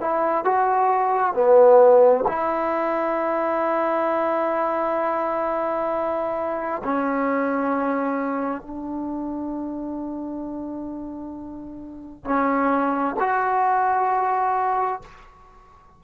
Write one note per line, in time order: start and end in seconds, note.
0.00 0.45 E4
0.45 1.33 F#4
1.33 2.24 B3
2.28 6.82 E4
6.83 8.61 C#4
8.61 12.24 D4
12.24 13.15 C#4
13.19 15.01 F#4